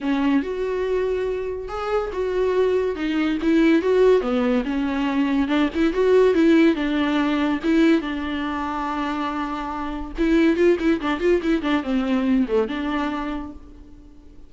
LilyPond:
\new Staff \with { instrumentName = "viola" } { \time 4/4 \tempo 4 = 142 cis'4 fis'2. | gis'4 fis'2 dis'4 | e'4 fis'4 b4 cis'4~ | cis'4 d'8 e'8 fis'4 e'4 |
d'2 e'4 d'4~ | d'1 | e'4 f'8 e'8 d'8 f'8 e'8 d'8 | c'4. a8 d'2 | }